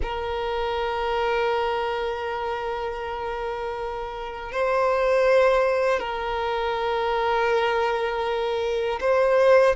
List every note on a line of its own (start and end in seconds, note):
0.02 4.51 A#4
4.51 5.99 C5
5.99 8.99 A#4
9.00 9.75 C5